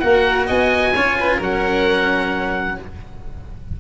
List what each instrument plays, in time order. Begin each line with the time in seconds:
0.00 tuba A#3, cello F#4, violin A#4, oboe F#5
0.47 tuba B3, violin D#5, oboe G#5
0.96 tuba C#4, cello F4, violin C#5
1.20 violin B4
1.38 tuba F#3, cello C#4, violin A#4, oboe F#5